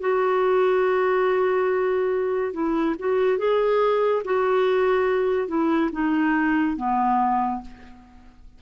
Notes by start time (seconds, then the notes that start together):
0.00 F#4
2.53 E4
2.99 F#4
3.38 G#4
4.24 F#4
5.48 E4
5.92 D#4
6.76 B3